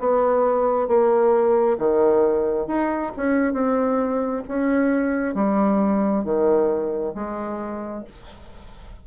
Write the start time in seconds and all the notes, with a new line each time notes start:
0.00 B3
0.88 A#3
1.79 D#3
2.67 D#4
3.17 C#4
3.53 C4
4.48 C#4
5.35 G3
6.24 D#3
7.15 G#3